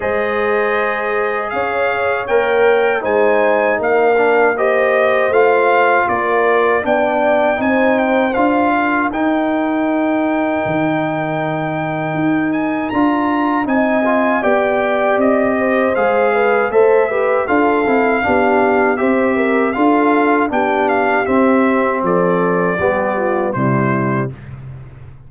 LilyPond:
<<
  \new Staff \with { instrumentName = "trumpet" } { \time 4/4 \tempo 4 = 79 dis''2 f''4 g''4 | gis''4 f''4 dis''4 f''4 | d''4 g''4 gis''8 g''8 f''4 | g''1~ |
g''8 gis''8 ais''4 gis''4 g''4 | dis''4 f''4 e''4 f''4~ | f''4 e''4 f''4 g''8 f''8 | e''4 d''2 c''4 | }
  \new Staff \with { instrumentName = "horn" } { \time 4/4 c''2 cis''2 | c''4 ais'4 c''2 | ais'4 d''4 c''4. ais'8~ | ais'1~ |
ais'2 dis''4 d''4~ | d''8 c''4 b'8 c''8 b'8 a'4 | g'4 c''8 ais'8 a'4 g'4~ | g'4 a'4 g'8 f'8 e'4 | }
  \new Staff \with { instrumentName = "trombone" } { \time 4/4 gis'2. ais'4 | dis'4. d'8 g'4 f'4~ | f'4 d'4 dis'4 f'4 | dis'1~ |
dis'4 f'4 dis'8 f'8 g'4~ | g'4 gis'4 a'8 g'8 f'8 e'8 | d'4 g'4 f'4 d'4 | c'2 b4 g4 | }
  \new Staff \with { instrumentName = "tuba" } { \time 4/4 gis2 cis'4 ais4 | gis4 ais2 a4 | ais4 b4 c'4 d'4 | dis'2 dis2 |
dis'4 d'4 c'4 b4 | c'4 gis4 a4 d'8 c'8 | b4 c'4 d'4 b4 | c'4 f4 g4 c4 | }
>>